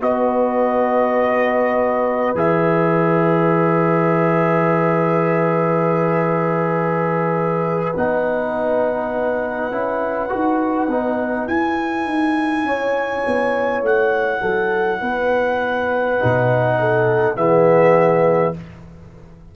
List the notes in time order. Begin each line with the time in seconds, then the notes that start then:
0.00 B3 F#4 B4 D#5
2.34 E3 G#4 E5
7.96 B3 D#4 F#5
9.71 C#4 E4
10.29 D#4 F#4
10.87 B3 D#4
11.47 E4 G#5
12.05 D#4
12.63 C#4 C#5
13.26 B3
13.82 A3 F#5
14.41 F#3 A4
15.01 B3 B4
16.20 B2 D#4
16.79 A4
17.36 E3 B3 G#4 E5